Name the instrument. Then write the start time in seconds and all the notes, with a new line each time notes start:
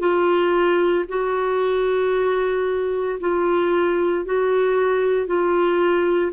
clarinet
0.00 F4
1.09 F#4
3.21 F4
4.26 F#4
5.27 F4